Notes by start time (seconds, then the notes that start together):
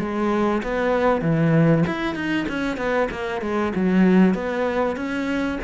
0.00 G#3
0.64 B3
1.22 E3
1.87 E4
2.15 D#4
2.49 C#4
2.78 B3
3.11 A#3
3.42 G#3
3.76 F#3
4.35 B3
4.97 C#4